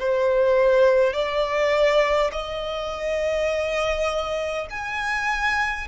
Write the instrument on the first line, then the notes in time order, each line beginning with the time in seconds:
violin
0.00 C5
1.13 D5
2.32 D#5
4.70 G#5